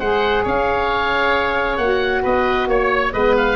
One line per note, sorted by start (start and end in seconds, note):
0.00 0.45 G#3
0.00 1.81 G#4
0.00 0.43 C5
0.00 0.45 F#5
0.43 1.78 C#4
0.43 2.23 C#5
0.43 1.78 F5
1.78 2.23 A#3
1.78 3.12 F#4
1.78 2.22 F#5
2.23 2.68 B3
2.23 2.68 B4
2.23 2.69 D#5
2.68 3.12 A#3
2.68 3.13 C#5
2.68 3.14 C#5
3.12 3.57 G#3
3.12 3.57 B3
3.12 3.57 B4
3.12 3.35 D#5
3.37 3.57 F5